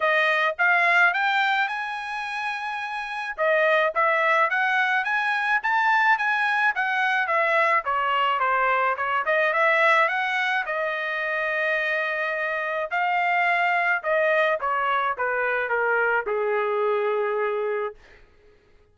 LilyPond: \new Staff \with { instrumentName = "trumpet" } { \time 4/4 \tempo 4 = 107 dis''4 f''4 g''4 gis''4~ | gis''2 dis''4 e''4 | fis''4 gis''4 a''4 gis''4 | fis''4 e''4 cis''4 c''4 |
cis''8 dis''8 e''4 fis''4 dis''4~ | dis''2. f''4~ | f''4 dis''4 cis''4 b'4 | ais'4 gis'2. | }